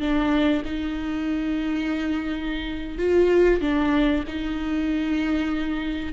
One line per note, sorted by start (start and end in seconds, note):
0.00 0.62 D4
0.65 2.98 D#4
2.98 3.61 F4
3.61 4.24 D4
4.27 6.13 D#4